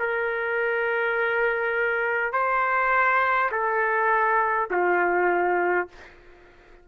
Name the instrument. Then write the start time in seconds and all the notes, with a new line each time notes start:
trumpet
0.00 A#4
2.33 C5
3.52 A4
4.71 F4